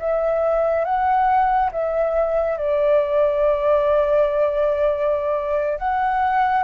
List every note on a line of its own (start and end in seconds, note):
0.00 0.85 E5
0.85 1.71 F#5
1.72 2.58 E5
2.58 5.79 D5
5.79 6.64 F#5